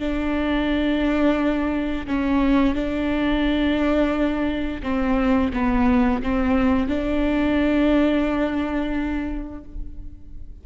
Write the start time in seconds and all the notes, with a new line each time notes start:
0.00 D4
2.07 C#4
2.75 D4
4.83 C4
5.54 B3
6.23 C4
6.88 D4